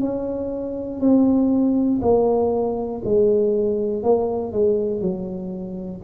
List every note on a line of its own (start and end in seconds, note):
0.00 1.00 C#4
1.00 2.00 C4
2.02 3.02 A#3
3.04 4.03 G#3
4.03 4.52 A#3
4.52 5.00 G#3
5.00 6.00 F#3